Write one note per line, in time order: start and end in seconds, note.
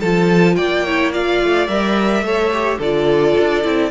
0.00 0.59 F3
0.00 0.87 F4
0.00 0.56 A4
0.00 0.55 A5
0.55 1.43 A#3
0.55 0.85 D5
0.55 1.12 G5
0.85 1.13 E4
0.85 1.12 C#5
1.12 1.68 F4
1.12 2.24 D5
1.12 1.67 F5
1.43 1.68 A3
1.67 2.22 G3
1.67 2.24 A#4
1.67 2.79 E5
2.22 2.78 A3
2.22 2.52 A4
2.22 2.78 C#5
2.52 2.80 G4
2.78 3.35 D3
2.78 3.64 F4
2.78 3.90 A4
2.78 3.91 D5
3.39 3.64 D4
3.64 3.91 C4
3.64 3.91 E4